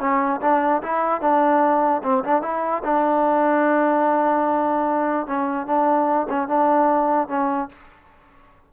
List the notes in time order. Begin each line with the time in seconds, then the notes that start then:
0.00 C#4
0.42 D4
0.83 E4
1.21 D4
2.04 C4
2.24 D4
2.43 E4
2.85 D4
5.27 C#4
5.67 D4
6.29 C#4
6.48 D4
7.28 C#4